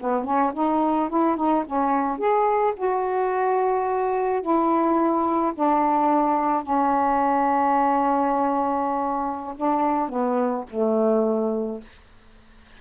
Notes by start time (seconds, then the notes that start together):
0.00 B3
0.24 C#4
0.54 D#4
1.09 E4
1.36 D#4
1.66 C#4
2.18 G#4
2.77 F#4
4.41 E4
5.55 D4
6.63 C#4
9.56 D4
10.09 B3
10.69 A3